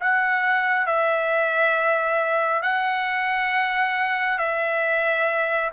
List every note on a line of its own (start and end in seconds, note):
0.00 0.86 F#5
0.86 2.62 E5
2.62 4.38 F#5
4.38 5.71 E5